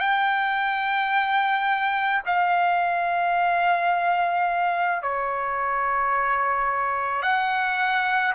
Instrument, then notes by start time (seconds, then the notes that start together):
trumpet
0.00 G5
2.26 F5
5.03 C#5
7.23 F#5